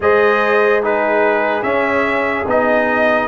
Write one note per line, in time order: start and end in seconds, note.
0.00 1.62 G#3
0.00 0.83 G#4
0.00 0.83 C5
0.00 0.83 D#5
0.83 1.62 D#4
0.83 3.28 G#4
0.83 1.62 B4
1.62 2.45 C#4
1.62 2.45 E5
2.47 3.28 B3
2.47 3.28 D#4
2.47 3.28 D#5